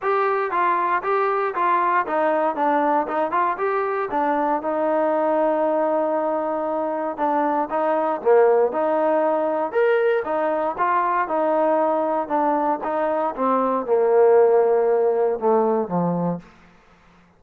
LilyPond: \new Staff \with { instrumentName = "trombone" } { \time 4/4 \tempo 4 = 117 g'4 f'4 g'4 f'4 | dis'4 d'4 dis'8 f'8 g'4 | d'4 dis'2.~ | dis'2 d'4 dis'4 |
ais4 dis'2 ais'4 | dis'4 f'4 dis'2 | d'4 dis'4 c'4 ais4~ | ais2 a4 f4 | }